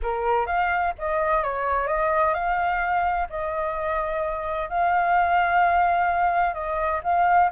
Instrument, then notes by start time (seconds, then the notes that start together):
flute
0.02 A#4
0.46 F5
0.98 D#5
1.43 C#5
1.87 D#5
2.34 F5
3.29 D#5
4.69 F5
6.54 D#5
7.03 F5